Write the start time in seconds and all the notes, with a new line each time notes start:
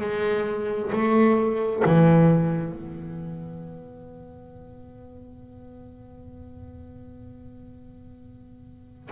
0.00 G#3
0.92 A3
1.85 E3
2.72 B3